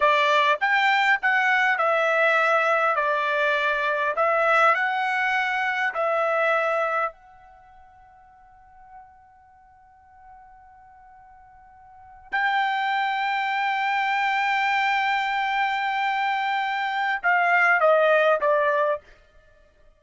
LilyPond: \new Staff \with { instrumentName = "trumpet" } { \time 4/4 \tempo 4 = 101 d''4 g''4 fis''4 e''4~ | e''4 d''2 e''4 | fis''2 e''2 | fis''1~ |
fis''1~ | fis''8. g''2.~ g''16~ | g''1~ | g''4 f''4 dis''4 d''4 | }